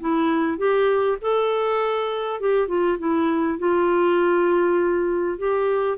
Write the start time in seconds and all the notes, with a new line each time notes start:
0.00 E4
0.58 G4
1.21 A4
2.40 G4
2.68 F4
2.99 E4
3.58 F4
5.38 G4